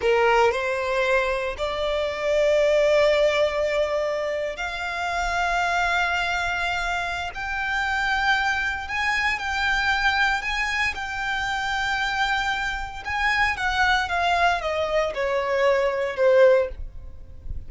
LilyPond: \new Staff \with { instrumentName = "violin" } { \time 4/4 \tempo 4 = 115 ais'4 c''2 d''4~ | d''1~ | d''8. f''2.~ f''16~ | f''2 g''2~ |
g''4 gis''4 g''2 | gis''4 g''2.~ | g''4 gis''4 fis''4 f''4 | dis''4 cis''2 c''4 | }